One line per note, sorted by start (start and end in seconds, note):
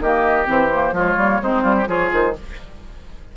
0.00 0.47 D#3
0.00 0.45 A#3
0.00 0.94 G4
0.00 0.47 D#5
0.45 0.92 E3
0.45 0.68 C4
0.45 0.97 C5
0.74 0.95 A#3
0.92 1.15 F3
0.92 1.18 G#3
0.92 1.41 F4
0.92 1.43 C#5
1.18 1.41 G3
1.18 1.42 A#3
1.42 1.64 G#3
1.42 1.87 C4
1.42 1.62 D#4
1.42 1.88 C5
1.62 1.87 G3
1.62 1.74 F4
1.76 1.88 G4
1.87 2.11 F3
1.87 2.33 F4
1.87 2.35 G#4
1.87 2.11 C#5
2.13 2.36 D#3
2.13 2.36 C5